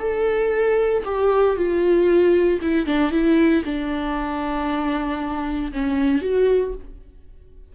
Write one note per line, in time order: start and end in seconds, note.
0.00 1.03 A4
1.05 1.57 G4
1.57 2.60 F4
2.62 2.86 E4
2.86 3.12 D4
3.12 3.63 E4
3.65 5.72 D4
5.73 6.22 C#4
6.22 6.74 F#4